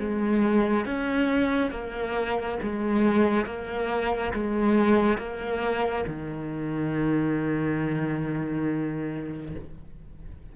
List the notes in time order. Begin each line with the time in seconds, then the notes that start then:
0.00 G#3
0.86 C#4
1.71 A#3
2.63 G#3
3.46 A#3
4.34 G#3
5.18 A#3
6.08 D#3